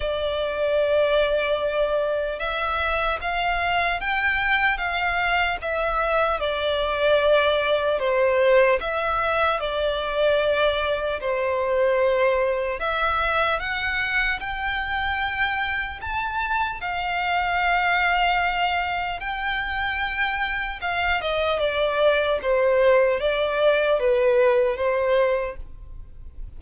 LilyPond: \new Staff \with { instrumentName = "violin" } { \time 4/4 \tempo 4 = 75 d''2. e''4 | f''4 g''4 f''4 e''4 | d''2 c''4 e''4 | d''2 c''2 |
e''4 fis''4 g''2 | a''4 f''2. | g''2 f''8 dis''8 d''4 | c''4 d''4 b'4 c''4 | }